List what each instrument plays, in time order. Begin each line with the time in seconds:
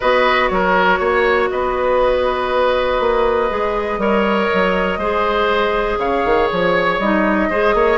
0.00 bassoon B3, clarinet F#4, oboe B4, flute D#5
0.48 bassoon F#3, oboe A#4, flute C#5
0.99 bassoon A#3, oboe C#5
1.50 bassoon B3, oboe B4, flute D#5
3.00 bassoon A#3
3.50 bassoon G#3, clarinet G#4
3.98 bassoon G3, clarinet A#4, oboe C#5
4.53 bassoon F#3
4.97 bassoon G#3, clarinet G#4, oboe C5
5.98 bassoon C#3, oboe C#5, flute F5
6.24 bassoon D#3
6.50 bassoon F3, flute C#5
6.99 bassoon G3, clarinet D#4, flute D#5
7.49 bassoon G#3, clarinet G#4, oboe C5
7.73 bassoon A#3, oboe C#5